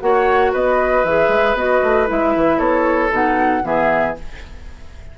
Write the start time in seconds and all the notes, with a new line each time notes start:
0.00 A#3 F#4 C#5 F#5
0.52 B3 B4 D#5
1.04 E3 G#4 E5
1.28 G#3
1.54 B3 F#4 D#5
1.83 A3
2.06 G#3 E4 E5
2.35 E3
2.58 B3 A4 C#5
3.10 B2 D#4 F#5
3.62 E3 B3 G#4 E5